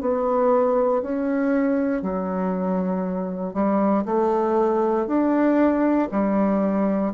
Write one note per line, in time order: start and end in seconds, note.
0.00 1.02 B3
1.02 2.02 C#4
2.02 3.53 F#3
3.53 4.04 G3
4.05 5.06 A3
5.06 6.08 D4
6.11 7.13 G3